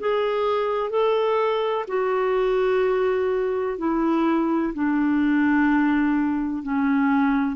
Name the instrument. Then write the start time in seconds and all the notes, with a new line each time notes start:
clarinet
0.00 G#4
0.90 A4
1.88 F#4
3.78 E4
4.74 D4
6.63 C#4